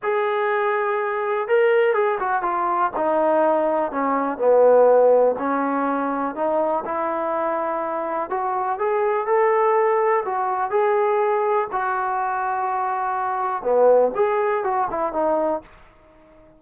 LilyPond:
\new Staff \with { instrumentName = "trombone" } { \time 4/4 \tempo 4 = 123 gis'2. ais'4 | gis'8 fis'8 f'4 dis'2 | cis'4 b2 cis'4~ | cis'4 dis'4 e'2~ |
e'4 fis'4 gis'4 a'4~ | a'4 fis'4 gis'2 | fis'1 | b4 gis'4 fis'8 e'8 dis'4 | }